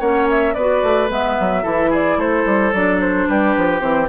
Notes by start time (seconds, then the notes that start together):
0.00 A#3 C#4 C#5 F#5
0.30 E5
0.54 B3 F#4 B4 D5
0.83 A3
1.09 G#3 B3 E5
1.40 F#3
1.63 E3 E4 A4
1.90 G#4 D5
2.17 A3 A4 C5
2.46 G3
2.73 F#3 D4 D5
3.01 C5
3.28 G3 G4 B4
3.57 F3
3.80 E3 C4 C5